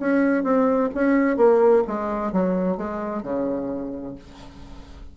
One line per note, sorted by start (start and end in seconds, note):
0.00 0.44 C#4
0.44 0.90 C4
0.95 1.37 C#4
1.37 1.84 A#3
1.88 2.33 G#3
2.33 2.78 F#3
2.78 3.23 G#3
3.23 4.16 C#3